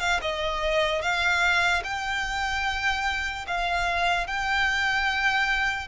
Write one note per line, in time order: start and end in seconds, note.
0.00 0.20 F5
0.21 1.02 D#5
1.02 1.83 F5
1.84 3.46 G5
3.47 4.27 F5
4.27 5.88 G5